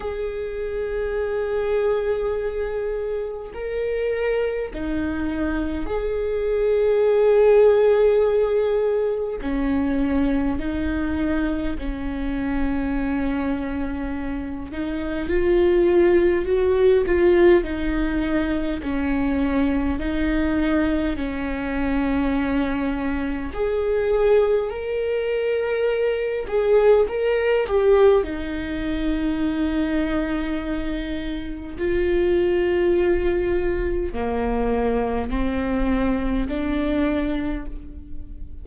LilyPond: \new Staff \with { instrumentName = "viola" } { \time 4/4 \tempo 4 = 51 gis'2. ais'4 | dis'4 gis'2. | cis'4 dis'4 cis'2~ | cis'8 dis'8 f'4 fis'8 f'8 dis'4 |
cis'4 dis'4 cis'2 | gis'4 ais'4. gis'8 ais'8 g'8 | dis'2. f'4~ | f'4 ais4 c'4 d'4 | }